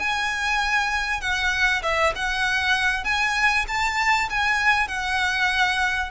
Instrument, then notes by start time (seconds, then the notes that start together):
violin
0.00 G#5
1.21 F#5
1.83 E5
2.16 F#5
3.05 G#5
3.68 A5
4.31 G#5
4.88 F#5